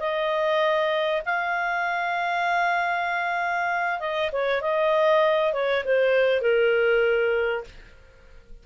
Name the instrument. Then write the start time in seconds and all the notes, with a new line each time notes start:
clarinet
0.00 D#5
1.26 F5
4.00 D#5
4.33 C#5
4.62 D#5
5.54 C#5
5.85 C5
6.42 A#4